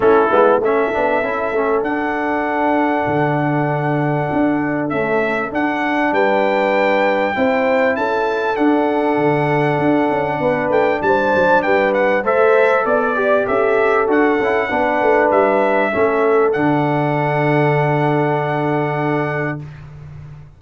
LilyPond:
<<
  \new Staff \with { instrumentName = "trumpet" } { \time 4/4 \tempo 4 = 98 a'4 e''2 fis''4~ | fis''1 | e''4 fis''4 g''2~ | g''4 a''4 fis''2~ |
fis''4. g''8 a''4 g''8 fis''8 | e''4 d''4 e''4 fis''4~ | fis''4 e''2 fis''4~ | fis''1 | }
  \new Staff \with { instrumentName = "horn" } { \time 4/4 e'4 a'2.~ | a'1~ | a'2 b'2 | c''4 a'2.~ |
a'4 b'4 c''4 b'4 | c''4 d''4 a'2 | b'2 a'2~ | a'1 | }
  \new Staff \with { instrumentName = "trombone" } { \time 4/4 cis'8 b8 cis'8 d'8 e'8 cis'8 d'4~ | d'1 | a4 d'2. | e'2 d'2~ |
d'1 | a'4. g'4. fis'8 e'8 | d'2 cis'4 d'4~ | d'1 | }
  \new Staff \with { instrumentName = "tuba" } { \time 4/4 a8 gis8 a8 b8 cis'8 a8 d'4~ | d'4 d2 d'4 | cis'4 d'4 g2 | c'4 cis'4 d'4 d4 |
d'8 cis'8 b8 a8 g8 fis8 g4 | a4 b4 cis'4 d'8 cis'8 | b8 a8 g4 a4 d4~ | d1 | }
>>